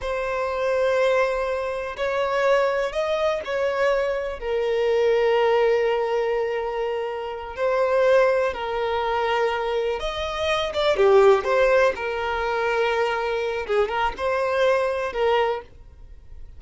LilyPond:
\new Staff \with { instrumentName = "violin" } { \time 4/4 \tempo 4 = 123 c''1 | cis''2 dis''4 cis''4~ | cis''4 ais'2.~ | ais'2.~ ais'8 c''8~ |
c''4. ais'2~ ais'8~ | ais'8 dis''4. d''8 g'4 c''8~ | c''8 ais'2.~ ais'8 | gis'8 ais'8 c''2 ais'4 | }